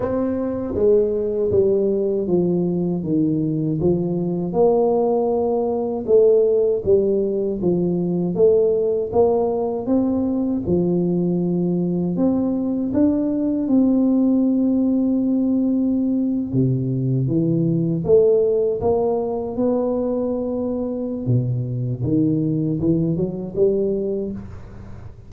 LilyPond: \new Staff \with { instrumentName = "tuba" } { \time 4/4 \tempo 4 = 79 c'4 gis4 g4 f4 | dis4 f4 ais2 | a4 g4 f4 a4 | ais4 c'4 f2 |
c'4 d'4 c'2~ | c'4.~ c'16 c4 e4 a16~ | a8. ais4 b2~ b16 | b,4 dis4 e8 fis8 g4 | }